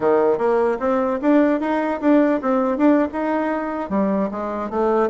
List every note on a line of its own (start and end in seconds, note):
0.00 0.37 D#3
0.37 0.77 A#3
0.79 1.19 C4
1.21 1.60 D4
1.60 2.00 D#4
2.01 2.41 D4
2.41 2.77 C4
2.77 3.07 D4
3.12 3.89 D#4
3.89 4.29 G3
4.31 4.69 G#3
4.69 5.09 A3